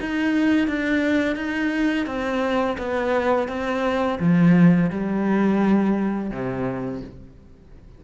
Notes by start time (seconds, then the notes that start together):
0.00 D#4
0.67 D4
1.35 D#4
2.06 C4
2.78 B3
3.48 C4
4.19 F3
4.90 G3
6.30 C3